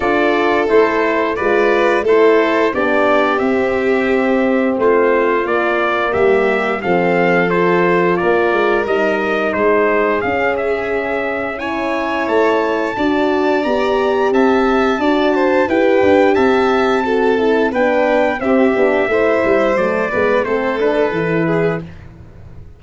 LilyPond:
<<
  \new Staff \with { instrumentName = "trumpet" } { \time 4/4 \tempo 4 = 88 d''4 c''4 d''4 c''4 | d''4 e''2 c''4 | d''4 e''4 f''4 c''4 | d''4 dis''4 c''4 f''8 e''8~ |
e''4 gis''4 a''2 | ais''4 a''2 g''4 | a''2 g''4 e''4~ | e''4 d''4 c''8 b'4. | }
  \new Staff \with { instrumentName = "violin" } { \time 4/4 a'2 b'4 a'4 | g'2. f'4~ | f'4 g'4 a'2 | ais'2 gis'2~ |
gis'4 cis''2 d''4~ | d''4 e''4 d''8 c''8 b'4 | e''4 a'4 b'4 g'4 | c''4. b'8 a'4. gis'8 | }
  \new Staff \with { instrumentName = "horn" } { \time 4/4 f'4 e'4 f'4 e'4 | d'4 c'2. | ais2 c'4 f'4~ | f'4 dis'2 cis'4~ |
cis'4 e'2 fis'4 | g'2 fis'4 g'4~ | g'4 fis'8 e'8 d'4 c'8 d'8 | e'4 a8 b8 c'8 d'8 e'4 | }
  \new Staff \with { instrumentName = "tuba" } { \time 4/4 d'4 a4 gis4 a4 | b4 c'2 a4 | ais4 g4 f2 | ais8 gis8 g4 gis4 cis'4~ |
cis'2 a4 d'4 | b4 c'4 d'4 e'8 d'8 | c'2 b4 c'8 b8 | a8 g8 fis8 gis8 a4 e4 | }
>>